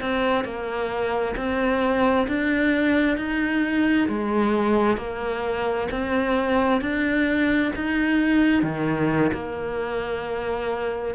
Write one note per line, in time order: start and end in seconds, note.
0.00 0.44 C4
0.44 1.35 A#3
1.36 2.27 C4
2.27 3.17 D4
3.17 4.07 D#4
4.08 4.97 G#3
4.97 5.88 A#3
5.91 6.81 C4
6.81 7.71 D4
7.75 8.62 D#4
8.62 9.31 D#3
9.33 11.14 A#3